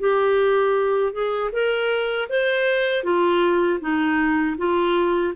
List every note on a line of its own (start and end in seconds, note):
0.00 1.13 G4
1.13 1.51 G#4
1.53 2.29 A#4
2.30 3.04 C5
3.04 3.80 F4
3.81 4.57 D#4
4.58 5.34 F4